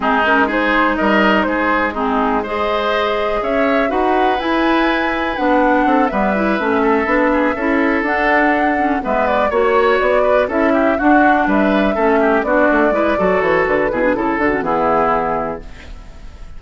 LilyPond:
<<
  \new Staff \with { instrumentName = "flute" } { \time 4/4 \tempo 4 = 123 gis'8 ais'8 c''4 dis''4 c''4 | gis'4 dis''2 e''4 | fis''4 gis''2 fis''4~ | fis''8 e''2.~ e''8~ |
e''8 fis''2 e''8 d''8 cis''8~ | cis''8 d''4 e''4 fis''4 e''8~ | e''4. d''2 cis''8 | b'4 a'8 fis'8 gis'2 | }
  \new Staff \with { instrumentName = "oboe" } { \time 4/4 dis'4 gis'4 ais'4 gis'4 | dis'4 c''2 cis''4 | b'1 | a'8 b'4. a'4 gis'8 a'8~ |
a'2~ a'8 b'4 cis''8~ | cis''4 b'8 a'8 g'8 fis'4 b'8~ | b'8 a'8 g'8 fis'4 b'8 a'4~ | a'8 gis'8 a'4 e'2 | }
  \new Staff \with { instrumentName = "clarinet" } { \time 4/4 c'8 cis'8 dis'2. | c'4 gis'2. | fis'4 e'2 d'4~ | d'8 b8 e'8 cis'4 d'4 e'8~ |
e'8 d'4. cis'8 b4 fis'8~ | fis'4. e'4 d'4.~ | d'8 cis'4 d'4 e'8 fis'4~ | fis'8 e'16 d'16 e'8 d'16 cis'16 b2 | }
  \new Staff \with { instrumentName = "bassoon" } { \time 4/4 gis2 g4 gis4~ | gis2. cis'4 | dis'4 e'2 b4 | c'8 g4 a4 b4 cis'8~ |
cis'8 d'2 gis4 ais8~ | ais8 b4 cis'4 d'4 g8~ | g8 a4 b8 a8 gis8 fis8 e8 | d8 b,8 cis8 d8 e2 | }
>>